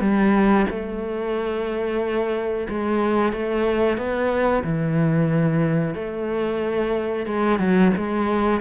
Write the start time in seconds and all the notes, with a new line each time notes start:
0.00 G3
0.69 A3
2.69 G#3
3.32 A3
3.97 B3
4.63 E3
5.94 A3
7.26 G#3
7.59 F#3
7.97 G#3